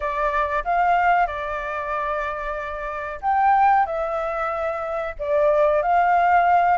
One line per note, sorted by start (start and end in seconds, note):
0.00 0.63 D5
0.64 1.26 F5
1.26 3.20 D5
3.21 3.85 G5
3.85 5.14 E5
5.18 5.82 D5
5.82 6.77 F5